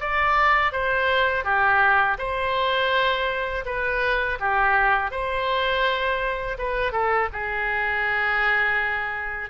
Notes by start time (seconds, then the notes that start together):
0.00 D5
0.72 C5
1.44 G4
2.18 C5
3.65 B4
4.40 G4
5.11 C5
6.58 B4
6.92 A4
7.32 G#4